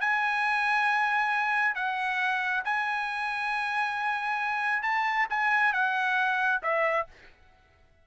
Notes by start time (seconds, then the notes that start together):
0.00 G#5
1.75 F#5
2.65 G#5
4.82 A5
5.30 G#5
5.73 F#5
6.63 E5